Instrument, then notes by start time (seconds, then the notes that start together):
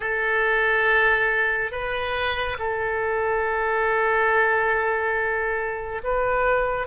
oboe
0.00 A4
1.71 B4
2.58 A4
6.03 B4